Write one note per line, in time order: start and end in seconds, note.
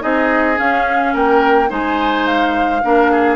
0.00 0.60 C4
0.00 0.56 D#4
0.00 1.13 G#4
0.00 0.58 D#5
0.56 1.68 C#4
0.56 1.15 C#4
0.56 1.15 F5
1.13 1.70 A#3
1.13 1.69 A#4
1.13 1.71 G5
1.68 2.82 G#3
1.68 2.80 D#4
1.68 2.82 C5
1.68 2.26 G#5
2.26 3.36 F5
2.83 3.36 A#3
2.83 3.36 D4
2.83 3.11 A#4
3.11 3.36 G#4